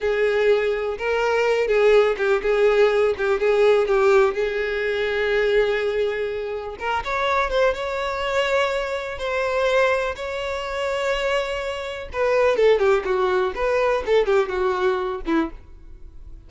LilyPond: \new Staff \with { instrumentName = "violin" } { \time 4/4 \tempo 4 = 124 gis'2 ais'4. gis'8~ | gis'8 g'8 gis'4. g'8 gis'4 | g'4 gis'2.~ | gis'2 ais'8 cis''4 c''8 |
cis''2. c''4~ | c''4 cis''2.~ | cis''4 b'4 a'8 g'8 fis'4 | b'4 a'8 g'8 fis'4. e'8 | }